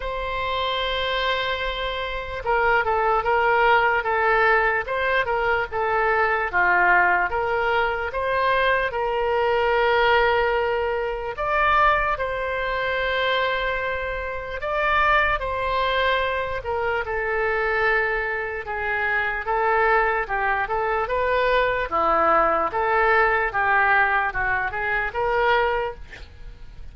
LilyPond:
\new Staff \with { instrumentName = "oboe" } { \time 4/4 \tempo 4 = 74 c''2. ais'8 a'8 | ais'4 a'4 c''8 ais'8 a'4 | f'4 ais'4 c''4 ais'4~ | ais'2 d''4 c''4~ |
c''2 d''4 c''4~ | c''8 ais'8 a'2 gis'4 | a'4 g'8 a'8 b'4 e'4 | a'4 g'4 fis'8 gis'8 ais'4 | }